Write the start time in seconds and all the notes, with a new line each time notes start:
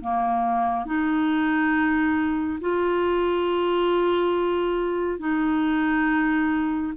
0.00 A#3
0.85 D#4
2.60 F4
5.19 D#4